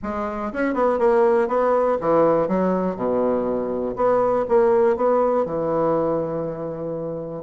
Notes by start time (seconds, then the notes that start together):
0.02 G#3
0.53 C#4
0.73 B3
0.98 A#3
1.47 B3
2.00 E3
2.48 F#3
2.96 B2
3.96 B3
4.48 A#3
4.96 B3
5.45 E3